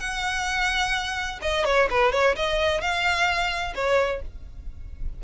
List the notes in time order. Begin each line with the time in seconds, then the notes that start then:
0.00 F#5
1.42 D#5
1.65 C#5
1.90 B4
2.12 C#5
2.36 D#5
2.81 F5
3.75 C#5